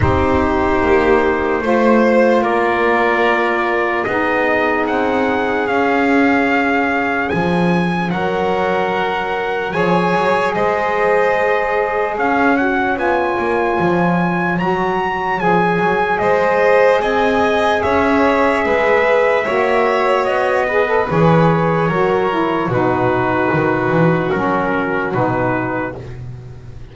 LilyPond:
<<
  \new Staff \with { instrumentName = "trumpet" } { \time 4/4 \tempo 4 = 74 c''2. d''4~ | d''4 dis''4 fis''4 f''4~ | f''4 gis''4 fis''2 | gis''4 dis''2 f''8 fis''8 |
gis''2 ais''4 gis''4 | dis''4 gis''4 e''2~ | e''4 dis''4 cis''2 | b'2 ais'4 b'4 | }
  \new Staff \with { instrumentName = "violin" } { \time 4/4 g'2 c''4 ais'4~ | ais'4 gis'2.~ | gis'2 ais'2 | cis''4 c''2 cis''4~ |
cis''1 | c''4 dis''4 cis''4 b'4 | cis''4. b'4. ais'4 | fis'1 | }
  \new Staff \with { instrumentName = "saxophone" } { \time 4/4 dis'2 f'2~ | f'4 dis'2 cis'4~ | cis'1 | gis'2.~ gis'8 fis'8 |
f'2 fis'4 gis'4~ | gis'1 | fis'4. gis'16 a'16 gis'4 fis'8 e'8 | dis'2 cis'4 dis'4 | }
  \new Staff \with { instrumentName = "double bass" } { \time 4/4 c'4 ais4 a4 ais4~ | ais4 b4 c'4 cis'4~ | cis'4 f4 fis2 | f8 fis8 gis2 cis'4 |
b8 ais8 f4 fis4 f8 fis8 | gis4 c'4 cis'4 gis4 | ais4 b4 e4 fis4 | b,4 dis8 e8 fis4 b,4 | }
>>